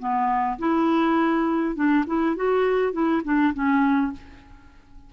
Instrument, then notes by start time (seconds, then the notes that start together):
clarinet
0.00 B3
0.59 E4
1.76 D4
2.07 E4
2.36 F#4
2.93 E4
3.25 D4
3.54 C#4